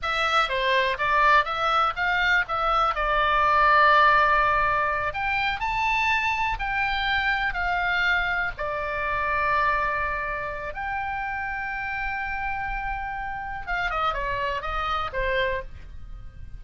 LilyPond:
\new Staff \with { instrumentName = "oboe" } { \time 4/4 \tempo 4 = 123 e''4 c''4 d''4 e''4 | f''4 e''4 d''2~ | d''2~ d''8 g''4 a''8~ | a''4. g''2 f''8~ |
f''4. d''2~ d''8~ | d''2 g''2~ | g''1 | f''8 dis''8 cis''4 dis''4 c''4 | }